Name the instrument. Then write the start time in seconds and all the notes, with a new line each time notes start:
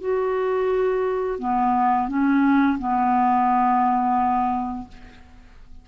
clarinet
0.00 F#4
1.39 B3
2.08 C#4
2.78 B3